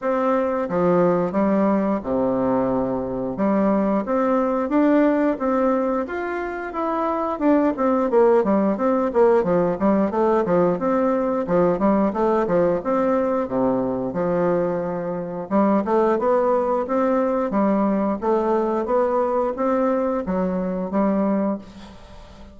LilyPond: \new Staff \with { instrumentName = "bassoon" } { \time 4/4 \tempo 4 = 89 c'4 f4 g4 c4~ | c4 g4 c'4 d'4 | c'4 f'4 e'4 d'8 c'8 | ais8 g8 c'8 ais8 f8 g8 a8 f8 |
c'4 f8 g8 a8 f8 c'4 | c4 f2 g8 a8 | b4 c'4 g4 a4 | b4 c'4 fis4 g4 | }